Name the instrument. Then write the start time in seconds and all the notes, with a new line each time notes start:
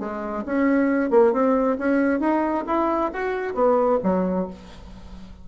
bassoon
0.00 G#3
0.46 C#4
1.11 A#3
1.33 C4
1.79 C#4
2.20 D#4
2.67 E4
3.14 F#4
3.55 B3
4.04 F#3